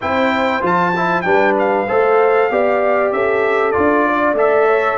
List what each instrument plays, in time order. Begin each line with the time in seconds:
0.01 tuba C4, trombone E4, horn C5, trumpet G5
0.61 tuba F3, trombone F4, trumpet A5
0.96 trombone E4
1.21 tuba G3, trombone D4, horn B4, trumpet G5
1.58 trumpet F5
1.87 tuba A3, trombone A4, horn C5
2.50 tuba B3, trombone G4, horn D5
3.11 tuba C#4, horn A4, trumpet E5
3.71 tuba D4, trombone F4, trumpet D5
4.07 horn D5
4.33 tuba A3, trombone A4, trumpet E5
4.67 horn C#5